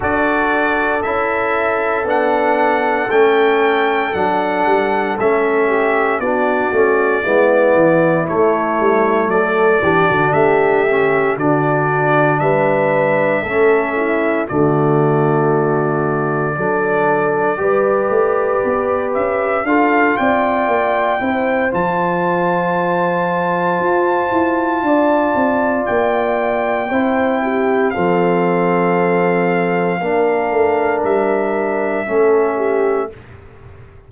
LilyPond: <<
  \new Staff \with { instrumentName = "trumpet" } { \time 4/4 \tempo 4 = 58 d''4 e''4 fis''4 g''4 | fis''4 e''4 d''2 | cis''4 d''4 e''4 d''4 | e''2 d''2~ |
d''2~ d''8 e''8 f''8 g''8~ | g''4 a''2.~ | a''4 g''2 f''4~ | f''2 e''2 | }
  \new Staff \with { instrumentName = "horn" } { \time 4/4 a'1~ | a'4. g'8 fis'4 e'4~ | e'4 a'8 g'16 fis'16 g'4 fis'4 | b'4 a'8 e'8 fis'2 |
a'4 b'2 a'8 d''8~ | d''8 c''2.~ c''8 | d''2 c''8 g'8 a'4~ | a'4 ais'2 a'8 g'8 | }
  \new Staff \with { instrumentName = "trombone" } { \time 4/4 fis'4 e'4 d'4 cis'4 | d'4 cis'4 d'8 cis'8 b4 | a4. d'4 cis'8 d'4~ | d'4 cis'4 a2 |
d'4 g'2 f'4~ | f'8 e'8 f'2.~ | f'2 e'4 c'4~ | c'4 d'2 cis'4 | }
  \new Staff \with { instrumentName = "tuba" } { \time 4/4 d'4 cis'4 b4 a4 | fis8 g8 a4 b8 a8 gis8 e8 | a8 g8 fis8 e16 d16 a4 d4 | g4 a4 d2 |
fis4 g8 a8 b8 cis'8 d'8 c'8 | ais8 c'8 f2 f'8 e'8 | d'8 c'8 ais4 c'4 f4~ | f4 ais8 a8 g4 a4 | }
>>